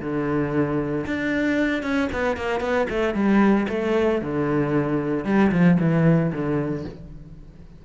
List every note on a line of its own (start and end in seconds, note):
0.00 1.05 D3
1.06 1.82 D4
1.82 2.09 C#4
2.12 2.36 B3
2.36 2.60 A#3
2.60 2.86 B3
2.89 3.14 A3
3.14 3.67 G3
3.68 4.21 A3
4.21 5.24 D3
5.24 5.51 G3
5.51 5.78 F3
5.79 6.32 E3
6.32 6.84 D3